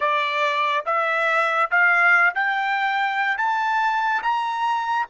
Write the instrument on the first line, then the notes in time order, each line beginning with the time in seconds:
trumpet
0.00 D5
0.85 E5
1.70 F5
2.34 G5
3.37 A5
4.22 A#5